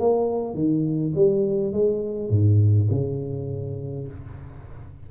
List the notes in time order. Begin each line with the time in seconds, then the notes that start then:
0.00 A#3
0.55 D#3
1.15 G3
1.73 G#3
2.30 G#2
2.91 C#3